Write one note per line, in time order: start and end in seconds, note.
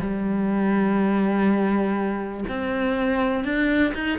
0.00 2.44 G3
2.48 3.44 C4
3.44 3.93 D4
3.94 4.18 D#4